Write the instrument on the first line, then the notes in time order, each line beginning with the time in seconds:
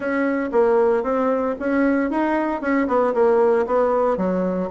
bassoon
0.00 C#4
0.52 A#3
1.03 C4
1.59 C#4
2.10 D#4
2.61 C#4
2.87 B3
3.14 A#3
3.66 B3
4.17 F#3